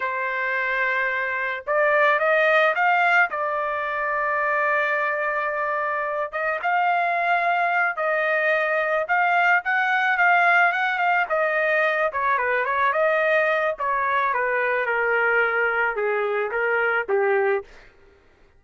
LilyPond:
\new Staff \with { instrumentName = "trumpet" } { \time 4/4 \tempo 4 = 109 c''2. d''4 | dis''4 f''4 d''2~ | d''2.~ d''8 dis''8 | f''2~ f''8 dis''4.~ |
dis''8 f''4 fis''4 f''4 fis''8 | f''8 dis''4. cis''8 b'8 cis''8 dis''8~ | dis''4 cis''4 b'4 ais'4~ | ais'4 gis'4 ais'4 g'4 | }